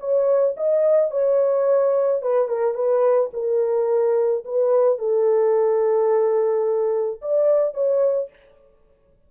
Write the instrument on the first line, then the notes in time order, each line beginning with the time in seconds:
horn
0.00 C#5
0.57 D#5
1.11 C#5
2.22 B4
2.48 A#4
2.75 B4
3.34 A#4
4.45 B4
4.99 A4
7.22 D5
7.74 C#5